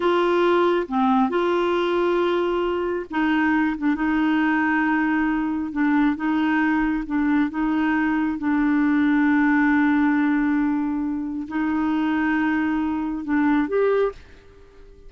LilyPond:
\new Staff \with { instrumentName = "clarinet" } { \time 4/4 \tempo 4 = 136 f'2 c'4 f'4~ | f'2. dis'4~ | dis'8 d'8 dis'2.~ | dis'4 d'4 dis'2 |
d'4 dis'2 d'4~ | d'1~ | d'2 dis'2~ | dis'2 d'4 g'4 | }